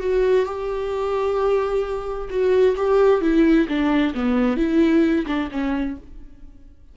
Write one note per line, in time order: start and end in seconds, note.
0.00 0.45 F#4
0.45 2.29 G4
2.30 2.75 F#4
2.76 3.21 G4
3.21 3.67 E4
3.68 4.14 D4
4.14 4.57 B3
4.57 5.25 E4
5.26 5.49 D4
5.51 5.97 C#4